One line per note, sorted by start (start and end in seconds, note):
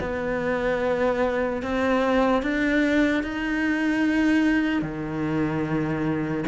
0.00 1.62 B3
1.62 2.42 C4
2.42 3.23 D4
3.23 4.82 D#4
4.82 6.44 D#3